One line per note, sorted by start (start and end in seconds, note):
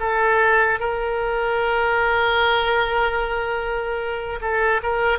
0.00 0.80 A4
0.80 4.40 A#4
4.41 4.81 A4
4.83 5.19 A#4